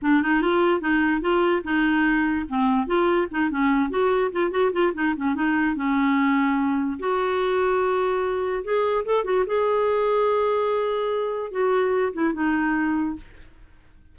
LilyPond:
\new Staff \with { instrumentName = "clarinet" } { \time 4/4 \tempo 4 = 146 d'8 dis'8 f'4 dis'4 f'4 | dis'2 c'4 f'4 | dis'8 cis'4 fis'4 f'8 fis'8 f'8 | dis'8 cis'8 dis'4 cis'2~ |
cis'4 fis'2.~ | fis'4 gis'4 a'8 fis'8 gis'4~ | gis'1 | fis'4. e'8 dis'2 | }